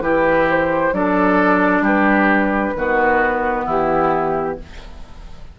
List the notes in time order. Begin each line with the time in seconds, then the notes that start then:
0.00 E3 E4 G4 B4
0.50 C5
0.92 F#3 D4 A4 D5
1.80 G3 G4 B4
2.75 D#3 B3 F#4
3.65 E3 E4 G4